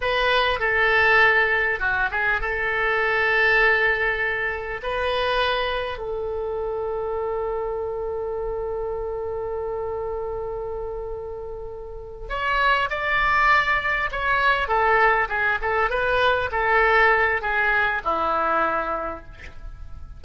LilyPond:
\new Staff \with { instrumentName = "oboe" } { \time 4/4 \tempo 4 = 100 b'4 a'2 fis'8 gis'8 | a'1 | b'2 a'2~ | a'1~ |
a'1~ | a'8 cis''4 d''2 cis''8~ | cis''8 a'4 gis'8 a'8 b'4 a'8~ | a'4 gis'4 e'2 | }